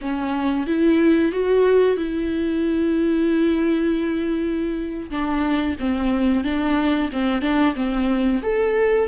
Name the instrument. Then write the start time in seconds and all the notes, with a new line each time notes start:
viola
0.01 C#4
0.66 E4
1.32 F#4
1.96 E4
5.10 D4
5.79 C4
6.43 D4
7.12 C4
7.41 D4
7.75 C4
8.42 A4